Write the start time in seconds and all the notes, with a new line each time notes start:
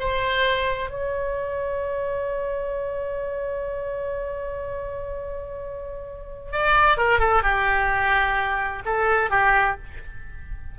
0.00 C5
0.90 C#5
6.52 D5
6.97 A#4
7.19 A4
7.43 G4
8.85 A4
9.30 G4